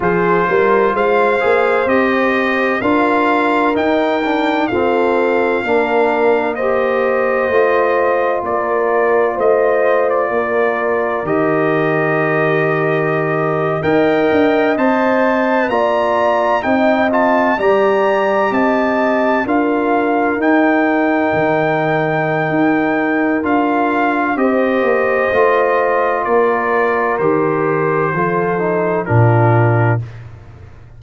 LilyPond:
<<
  \new Staff \with { instrumentName = "trumpet" } { \time 4/4 \tempo 4 = 64 c''4 f''4 dis''4 f''4 | g''4 f''2 dis''4~ | dis''4 d''4 dis''8. d''4~ d''16 | dis''2~ dis''8. g''4 a''16~ |
a''8. ais''4 g''8 a''8 ais''4 a''16~ | a''8. f''4 g''2~ g''16~ | g''4 f''4 dis''2 | d''4 c''2 ais'4 | }
  \new Staff \with { instrumentName = "horn" } { \time 4/4 gis'8 ais'8 c''2 ais'4~ | ais'4 a'4 ais'4 c''4~ | c''4 ais'4 c''4 ais'4~ | ais'2~ ais'8. dis''4~ dis''16~ |
dis''8. d''4 dis''4 d''4 dis''16~ | dis''8. ais'2.~ ais'16~ | ais'2 c''2 | ais'2 a'4 f'4 | }
  \new Staff \with { instrumentName = "trombone" } { \time 4/4 f'4. gis'8 g'4 f'4 | dis'8 d'8 c'4 d'4 g'4 | f'1 | g'2~ g'8. ais'4 c''16~ |
c''8. f'4 dis'8 f'8 g'4~ g'16~ | g'8. f'4 dis'2~ dis'16~ | dis'4 f'4 g'4 f'4~ | f'4 g'4 f'8 dis'8 d'4 | }
  \new Staff \with { instrumentName = "tuba" } { \time 4/4 f8 g8 gis8 ais8 c'4 d'4 | dis'4 f'4 ais2 | a4 ais4 a4 ais4 | dis2~ dis8. dis'8 d'8 c'16~ |
c'8. ais4 c'4 g4 c'16~ | c'8. d'4 dis'4 dis4~ dis16 | dis'4 d'4 c'8 ais8 a4 | ais4 dis4 f4 ais,4 | }
>>